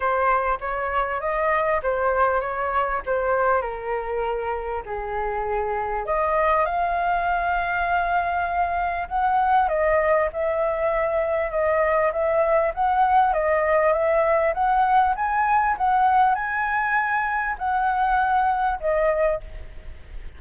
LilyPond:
\new Staff \with { instrumentName = "flute" } { \time 4/4 \tempo 4 = 99 c''4 cis''4 dis''4 c''4 | cis''4 c''4 ais'2 | gis'2 dis''4 f''4~ | f''2. fis''4 |
dis''4 e''2 dis''4 | e''4 fis''4 dis''4 e''4 | fis''4 gis''4 fis''4 gis''4~ | gis''4 fis''2 dis''4 | }